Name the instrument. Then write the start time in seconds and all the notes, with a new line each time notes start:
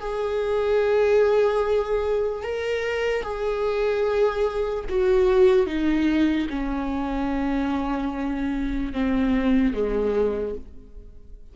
viola
0.00 G#4
2.43 A#4
3.22 G#4
4.89 F#4
5.66 D#4
6.50 C#4
8.93 C4
9.74 G#3